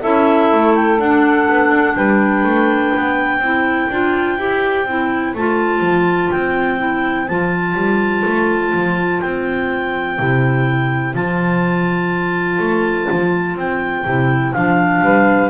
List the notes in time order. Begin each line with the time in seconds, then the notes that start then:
0.00 C#4 E4 A4 E5
0.52 A3
0.75 G5
0.99 D4 F#5
1.48 B3
1.70 D4
1.95 G3 B4 G5
2.43 A3
2.95 B3
3.38 C4 E4 C5
3.90 D4 F4
4.38 E4 G4
4.85 C4 E4
5.34 A3 F4 A5
5.80 F3
6.31 C4 G5
6.78 E4
7.28 F3 F4 A5
7.74 G3
8.25 A3
8.74 F3
9.20 C4 G5
10.18 C3 E4
11.15 F3 F4 A5
12.59 A3
13.10 F3
13.55 C4 G5
14.05 C3 E4
14.53 F3 D4 F5
15.01 G3 B4